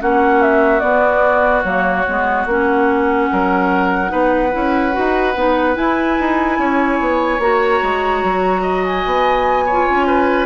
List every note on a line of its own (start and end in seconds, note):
0.00 0.82 A#3
0.00 0.81 C#4
0.00 3.30 F#4
0.00 0.43 F#5
0.43 0.80 E5
0.80 1.63 B3
0.80 1.65 B3
0.80 1.62 D5
1.64 2.06 F#3
1.64 2.06 A#3
1.64 2.46 C#5
2.08 2.46 G#3
2.08 2.49 B3
2.46 3.28 A#3
2.46 4.08 C#4
2.46 5.77 F#5
3.32 4.12 F#3
3.32 4.12 A#4
4.08 4.54 B3
4.08 4.49 D#4
4.08 6.59 B4
4.52 4.97 C#4
4.52 4.92 E4
4.92 5.36 D#4
4.92 5.34 F#4
5.36 5.77 B3
5.36 5.75 D#4
5.75 7.39 E4
5.75 6.18 E4
5.75 7.41 G#5
6.20 6.59 D#4
6.59 7.00 C#4
6.59 8.62 C#5
7.00 7.39 B3
7.39 7.80 A#3
7.39 9.67 F#4
7.39 8.84 A#5
7.83 8.24 G#3
8.24 9.06 F#3
8.62 9.65 D#5
8.84 10.46 G#5
9.06 9.88 B3
9.66 10.46 F4
9.66 10.07 C#5
9.90 10.46 C#4
10.07 10.46 B4